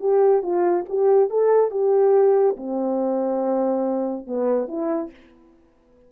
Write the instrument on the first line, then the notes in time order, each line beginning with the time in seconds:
horn
0.00 G4
0.42 F4
0.89 G4
1.30 A4
1.71 G4
2.57 C4
4.27 B3
4.68 E4